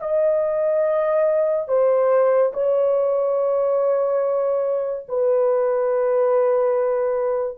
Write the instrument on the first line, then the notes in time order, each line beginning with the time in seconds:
horn
0.00 D#5
1.68 C5
2.53 C#5
5.09 B4